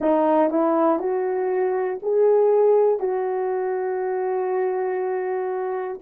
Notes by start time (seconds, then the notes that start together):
0.00 D#4
0.50 E4
0.99 F#4
2.02 G#4
3.00 F#4